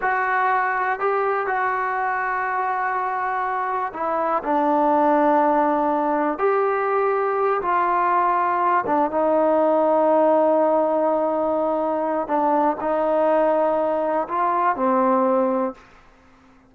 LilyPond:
\new Staff \with { instrumentName = "trombone" } { \time 4/4 \tempo 4 = 122 fis'2 g'4 fis'4~ | fis'1 | e'4 d'2.~ | d'4 g'2~ g'8 f'8~ |
f'2 d'8 dis'4.~ | dis'1~ | dis'4 d'4 dis'2~ | dis'4 f'4 c'2 | }